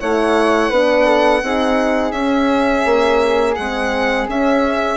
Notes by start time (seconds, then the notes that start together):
0.00 A3 E4 C#5 F#5
0.70 B3 D4 B4
1.05 A4
1.42 C4 D#4 G#4
2.11 C#4 E5
2.85 A#3
3.55 G#3 C4 F#5
4.27 C#4 E5